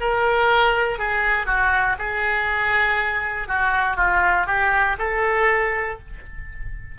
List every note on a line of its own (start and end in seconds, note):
0.00 0.98 A#4
0.98 1.46 G#4
1.46 1.96 F#4
1.99 3.48 G#4
3.48 3.97 F#4
3.97 4.47 F4
4.47 4.97 G4
4.99 5.99 A4